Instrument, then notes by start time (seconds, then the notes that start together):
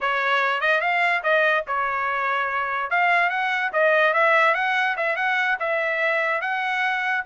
trumpet
0.01 C#5
0.60 D#5
0.81 F5
1.23 D#5
1.67 C#5
2.90 F5
3.29 F#5
3.73 D#5
4.13 E5
4.54 F#5
4.97 E5
5.16 F#5
5.59 E5
6.41 F#5